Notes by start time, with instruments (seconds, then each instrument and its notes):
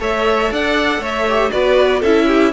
0.00 cello A3, viola A4, violin C#5 E5
0.52 cello D4, violin D5 F#5
0.99 cello A3, violin C#5
1.05 violin E5
1.29 viola G4
1.51 cello B3, viola F#4, violin B4 D5
2.00 cello C#4, viola E4, violin A4 E5
2.27 violin G4